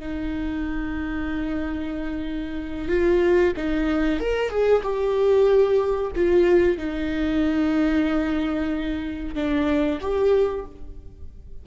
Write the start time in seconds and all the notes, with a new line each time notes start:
0.00 D#4
2.89 F4
3.57 D#4
4.20 A#4
4.50 G#4
4.83 G4
6.16 F4
6.78 D#4
9.35 D4
10.01 G4